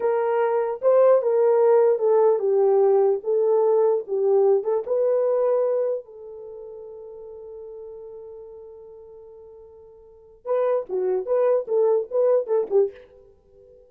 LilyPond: \new Staff \with { instrumentName = "horn" } { \time 4/4 \tempo 4 = 149 ais'2 c''4 ais'4~ | ais'4 a'4 g'2 | a'2 g'4. a'8 | b'2. a'4~ |
a'1~ | a'1~ | a'2 b'4 fis'4 | b'4 a'4 b'4 a'8 g'8 | }